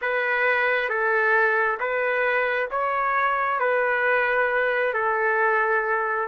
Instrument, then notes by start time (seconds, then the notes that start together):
trumpet
0.01 B4
0.89 A4
1.80 B4
2.70 C#5
3.59 B4
4.93 A4